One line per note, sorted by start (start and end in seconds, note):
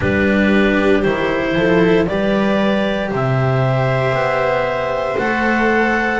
0.00 1.05 G3
0.00 1.02 D4
0.00 1.56 G4
0.00 1.02 B4
1.02 1.55 D#3
1.02 2.06 E4
1.02 2.06 C5
1.55 2.07 F3
1.55 2.08 A4
2.06 3.11 G3
2.06 5.18 G4
2.06 3.10 B4
2.06 3.10 D5
3.10 4.12 C3
3.10 6.19 C5
3.10 5.18 E5
4.12 5.16 B3
5.17 6.19 A3
5.17 6.19 A4
5.17 6.19 F#5